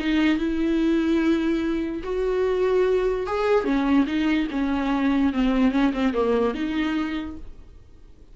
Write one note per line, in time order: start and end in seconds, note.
0.00 0.38 D#4
0.38 2.03 E4
2.04 3.27 F#4
3.27 3.65 G#4
3.65 4.06 C#4
4.07 4.48 D#4
4.51 5.33 C#4
5.33 5.72 C4
5.72 5.93 C#4
5.94 6.14 C4
6.14 6.55 A#3
6.55 7.37 D#4